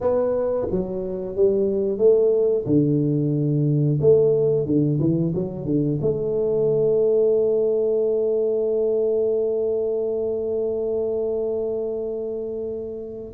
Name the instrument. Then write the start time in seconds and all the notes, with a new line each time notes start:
tuba
0.00 B3
0.70 F#3
1.35 G3
1.98 A3
2.65 D3
4.00 A3
4.65 D3
4.99 E3
5.34 F#3
5.65 D3
6.01 A3